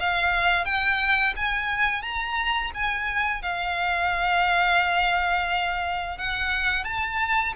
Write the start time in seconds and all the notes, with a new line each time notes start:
0.00 F5
0.65 G5
1.37 G#5
2.03 A#5
2.75 G#5
3.42 F5
6.18 F#5
6.85 A5